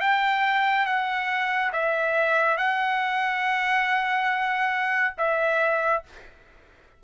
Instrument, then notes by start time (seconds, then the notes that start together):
trumpet
0.00 G5
0.86 F#5
1.72 E5
2.57 F#5
5.17 E5